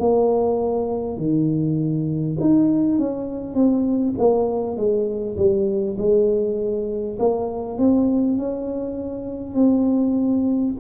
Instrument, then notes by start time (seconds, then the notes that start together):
tuba
0.00 A#3
1.18 D#3
2.41 D#4
2.99 C#4
3.55 C4
4.18 A#3
4.77 G#3
5.38 G3
5.98 G#3
7.19 A#3
7.78 C4
8.38 C#4
9.55 C4